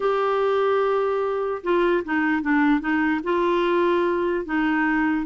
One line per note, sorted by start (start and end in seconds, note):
0.00 1.62 G4
1.63 2.03 F4
2.04 2.42 D#4
2.42 2.80 D4
2.80 3.20 D#4
3.23 4.45 F4
4.45 5.26 D#4